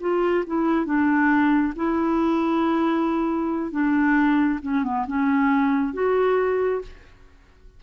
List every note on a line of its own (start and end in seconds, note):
0.00 0.44 F4
0.47 0.85 E4
0.85 1.74 D4
1.76 3.71 E4
3.71 4.60 D4
4.62 4.84 C#4
4.84 5.06 B3
5.07 5.94 C#4
5.94 6.82 F#4